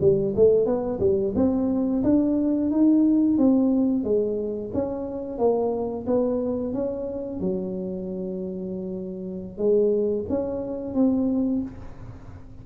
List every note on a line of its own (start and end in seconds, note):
0.00 0.34 G3
0.36 0.65 A3
0.65 0.99 B3
1.00 1.33 G3
1.35 2.03 C4
2.03 2.71 D4
2.71 3.37 D#4
3.37 4.03 C4
4.03 4.71 G#3
4.73 5.38 C#4
5.38 6.05 A#3
6.06 6.73 B3
6.73 7.40 C#4
7.40 9.58 F#3
9.58 10.25 G#3
10.29 10.94 C#4
10.94 11.61 C4